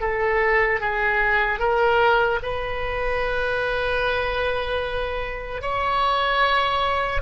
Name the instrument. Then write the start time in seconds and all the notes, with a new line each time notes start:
oboe
0.00 A4
0.80 G#4
1.59 A#4
2.42 B4
5.61 C#5